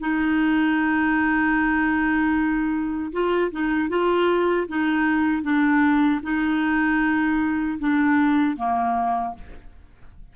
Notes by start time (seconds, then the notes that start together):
0.00 D#4
3.12 F4
3.52 D#4
3.89 F4
4.68 D#4
5.43 D4
6.23 D#4
7.79 D4
8.57 A#3